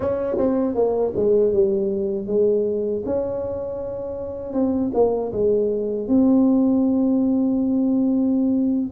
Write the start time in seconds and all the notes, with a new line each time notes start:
0.00 C#4
0.37 C4
0.74 A#3
1.15 G#3
1.52 G3
2.26 G#3
3.05 C#4
4.53 C4
4.94 A#3
5.32 G#3
6.08 C4